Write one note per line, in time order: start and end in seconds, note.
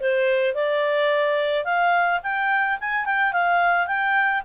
0.00 0.54 C5
0.54 1.64 D5
1.64 2.20 F5
2.23 2.78 G5
2.80 3.05 G#5
3.05 3.32 G5
3.32 3.87 F5
3.87 4.42 G5